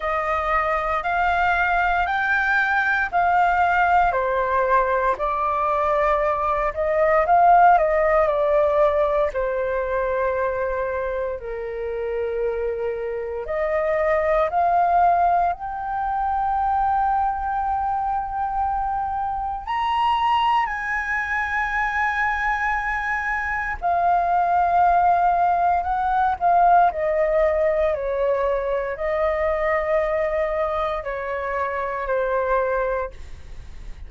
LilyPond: \new Staff \with { instrumentName = "flute" } { \time 4/4 \tempo 4 = 58 dis''4 f''4 g''4 f''4 | c''4 d''4. dis''8 f''8 dis''8 | d''4 c''2 ais'4~ | ais'4 dis''4 f''4 g''4~ |
g''2. ais''4 | gis''2. f''4~ | f''4 fis''8 f''8 dis''4 cis''4 | dis''2 cis''4 c''4 | }